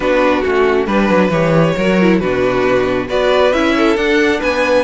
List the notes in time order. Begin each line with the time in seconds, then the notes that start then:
0.00 B3 D4 F#4 B4
0.42 A3 C#4 F#4
0.86 G3 D4 B4
1.09 F#3
1.29 E3 G4 C#5
1.76 F#3 F#4 A#4
2.01 E4
2.19 B2 D4 F#4 B4
3.07 B3 F#4 B4 D5
3.52 C#4 E4 E5
3.77 A4
3.96 D4 F#5
4.39 B3 B4 G#5